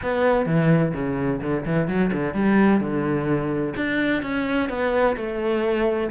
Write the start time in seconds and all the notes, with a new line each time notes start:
0.02 B3
0.46 E3
0.94 C#3
1.41 D3
1.65 E3
1.87 F#3
2.12 D3
2.34 G3
2.80 D3
3.76 D4
4.22 C#4
4.69 B3
5.16 A3